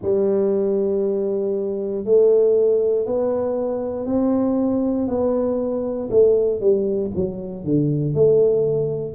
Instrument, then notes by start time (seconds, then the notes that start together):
tuba
0.01 G3
2.04 A3
3.06 B3
4.06 C4
5.07 B3
6.10 A3
6.60 G3
7.15 F#3
7.64 D3
8.14 A3